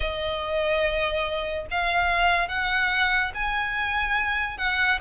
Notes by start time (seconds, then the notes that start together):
0.00 D#5
1.70 F5
2.48 F#5
3.34 G#5
4.57 F#5